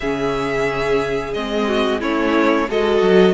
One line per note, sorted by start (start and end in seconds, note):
0.00 1.35 C#3
0.00 1.35 C#4
0.00 1.67 G#4
0.00 1.33 E5
1.33 2.02 G#3
1.33 2.01 C4
1.33 2.01 D#5
1.67 2.00 F#4
2.00 2.69 A3
2.00 2.68 C#4
2.00 2.67 E4
2.00 2.69 C#5
2.69 3.01 G#3
2.69 3.34 F#4
2.69 3.34 A4
2.69 3.34 D#5
3.01 3.34 F#3